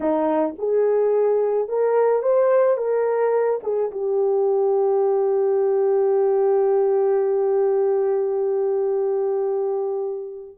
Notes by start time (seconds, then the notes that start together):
0.00 D#4
0.58 G#4
1.68 A#4
2.22 C5
2.77 A#4
3.63 G#4
3.91 G4